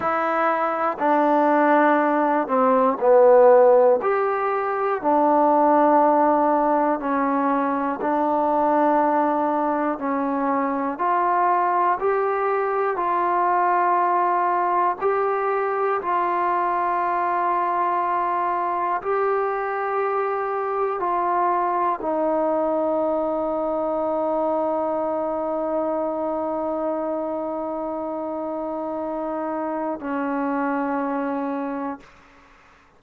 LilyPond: \new Staff \with { instrumentName = "trombone" } { \time 4/4 \tempo 4 = 60 e'4 d'4. c'8 b4 | g'4 d'2 cis'4 | d'2 cis'4 f'4 | g'4 f'2 g'4 |
f'2. g'4~ | g'4 f'4 dis'2~ | dis'1~ | dis'2 cis'2 | }